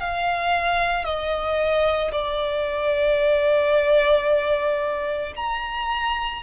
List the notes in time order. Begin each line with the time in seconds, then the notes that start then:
0.00 F5
1.05 D#5
2.12 D5
5.36 A#5